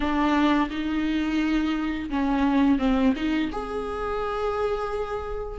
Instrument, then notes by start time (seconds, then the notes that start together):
viola
0.00 D4
0.70 D#4
2.10 C#4
2.78 C4
3.16 D#4
3.51 G#4